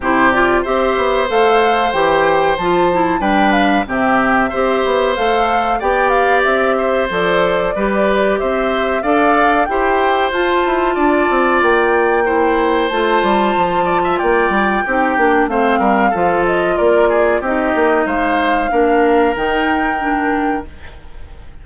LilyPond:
<<
  \new Staff \with { instrumentName = "flute" } { \time 4/4 \tempo 4 = 93 c''8 d''8 e''4 f''4 g''4 | a''4 g''8 f''8 e''2 | f''4 g''8 f''8 e''4 d''4~ | d''4 e''4 f''4 g''4 |
a''2 g''2 | a''2 g''2 | f''4. dis''8 d''4 dis''4 | f''2 g''2 | }
  \new Staff \with { instrumentName = "oboe" } { \time 4/4 g'4 c''2.~ | c''4 b'4 g'4 c''4~ | c''4 d''4. c''4. | b'4 c''4 d''4 c''4~ |
c''4 d''2 c''4~ | c''4. d''16 e''16 d''4 g'4 | c''8 ais'8 a'4 ais'8 gis'8 g'4 | c''4 ais'2. | }
  \new Staff \with { instrumentName = "clarinet" } { \time 4/4 e'8 f'8 g'4 a'4 g'4 | f'8 e'8 d'4 c'4 g'4 | a'4 g'2 a'4 | g'2 a'4 g'4 |
f'2. e'4 | f'2. dis'8 d'8 | c'4 f'2 dis'4~ | dis'4 d'4 dis'4 d'4 | }
  \new Staff \with { instrumentName = "bassoon" } { \time 4/4 c4 c'8 b8 a4 e4 | f4 g4 c4 c'8 b8 | a4 b4 c'4 f4 | g4 c'4 d'4 e'4 |
f'8 e'8 d'8 c'8 ais2 | a8 g8 f4 ais8 g8 c'8 ais8 | a8 g8 f4 ais4 c'8 ais8 | gis4 ais4 dis2 | }
>>